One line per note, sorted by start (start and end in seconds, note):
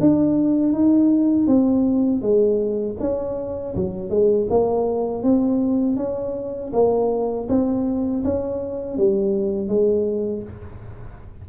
0.00 0.72 D4
0.72 1.47 D#4
1.47 2.22 C4
2.22 2.97 G#3
3.00 3.75 C#4
3.75 4.10 F#3
4.10 4.47 G#3
4.50 5.23 A#3
5.23 5.97 C4
5.97 6.72 C#4
6.73 7.48 A#3
7.48 8.23 C4
8.24 8.97 C#4
8.97 9.68 G3
9.68 10.43 G#3